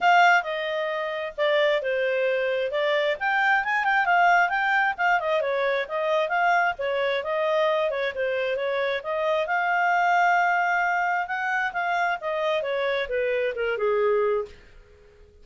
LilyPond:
\new Staff \with { instrumentName = "clarinet" } { \time 4/4 \tempo 4 = 133 f''4 dis''2 d''4 | c''2 d''4 g''4 | gis''8 g''8 f''4 g''4 f''8 dis''8 | cis''4 dis''4 f''4 cis''4 |
dis''4. cis''8 c''4 cis''4 | dis''4 f''2.~ | f''4 fis''4 f''4 dis''4 | cis''4 b'4 ais'8 gis'4. | }